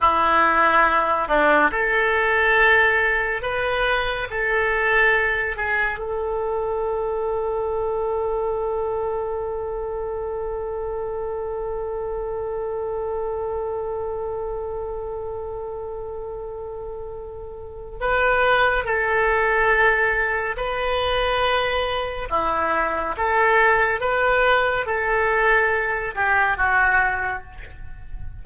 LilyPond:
\new Staff \with { instrumentName = "oboe" } { \time 4/4 \tempo 4 = 70 e'4. d'8 a'2 | b'4 a'4. gis'8 a'4~ | a'1~ | a'1~ |
a'1~ | a'4 b'4 a'2 | b'2 e'4 a'4 | b'4 a'4. g'8 fis'4 | }